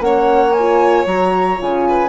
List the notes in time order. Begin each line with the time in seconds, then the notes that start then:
0.00 A#3 C#4 C#5 F#5
0.52 G#5
0.59 F4
1.06 F#3 F#4 A#5
1.57 C#3 F4 G#5
1.88 B4